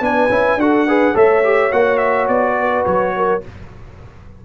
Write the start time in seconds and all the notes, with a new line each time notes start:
0.00 B3 D4 B4 G#5
0.29 C#4 E4
0.56 D4 F#4 A4 F#5
0.87 G#4 B4
1.13 A3 A4 C#5 E5
1.43 G4
1.71 A#3 F#4 F#5
1.97 E5
2.28 B3 D5
2.58 B4
2.85 F#3 C#5
3.16 A#4